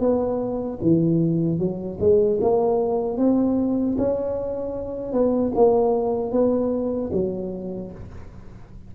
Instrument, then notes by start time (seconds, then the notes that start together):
tuba
0.00 B3
0.82 E3
1.59 F#3
2.00 G#3
2.41 A#3
3.18 C4
3.98 C#4
5.13 B3
5.55 A#3
6.32 B3
7.13 F#3